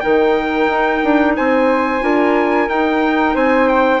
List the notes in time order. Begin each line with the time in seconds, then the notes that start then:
0.00 D#3 D#4 A#4 G5
0.66 D#4
1.03 D4
1.36 C4 C5 G#5
2.00 D4 F4 A#4
2.68 D#4 G5
3.34 C4 C5 G#5
3.68 G5